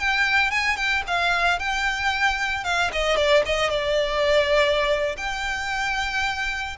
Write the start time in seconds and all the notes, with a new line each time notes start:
0.00 G5
0.51 G#5
0.77 G5
1.08 F5
1.60 G5
2.65 F5
2.93 D#5
3.17 D5
3.46 D#5
3.70 D5
5.18 G5